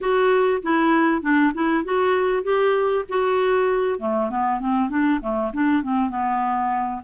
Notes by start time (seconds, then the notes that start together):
0.01 F#4
0.62 E4
1.22 D4
1.54 E4
1.84 F#4
2.43 G4
3.08 F#4
3.99 A3
4.29 B3
4.59 C4
4.89 D4
5.21 A3
5.53 D4
5.82 C4
6.09 B3